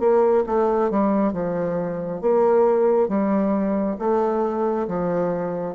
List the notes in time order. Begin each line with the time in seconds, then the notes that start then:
0.00 A#3
0.47 A3
0.91 G3
1.33 F3
2.22 A#3
3.09 G3
3.99 A3
4.88 F3